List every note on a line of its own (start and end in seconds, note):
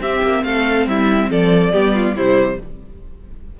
0.00 0.21 C4
0.00 1.72 C4
0.00 0.44 G4
0.00 0.43 E5
0.22 0.43 A#3
0.43 0.86 A3
0.43 0.88 A4
0.43 0.86 F5
0.86 1.29 G3
0.86 1.30 E4
0.86 1.31 E5
1.30 1.73 F3
1.30 1.72 A4
1.30 2.16 D5
1.72 2.15 G3
1.72 2.15 B3
1.72 1.93 G4
1.94 2.15 F4
2.15 2.57 C3
2.15 2.59 G3
2.15 2.58 E4
2.15 2.59 C5